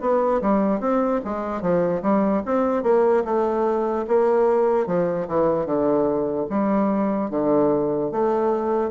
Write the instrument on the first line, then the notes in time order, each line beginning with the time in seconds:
bassoon
0.00 B3
0.41 G3
0.80 C4
1.24 G#3
1.61 F3
2.02 G3
2.45 C4
2.83 A#3
3.24 A3
4.07 A#3
4.86 F3
5.27 E3
5.65 D3
6.49 G3
7.30 D3
8.11 A3